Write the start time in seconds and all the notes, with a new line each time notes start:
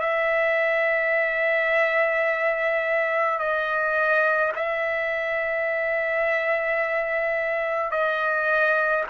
0.00 E5
3.39 D#5
4.55 E5
7.90 D#5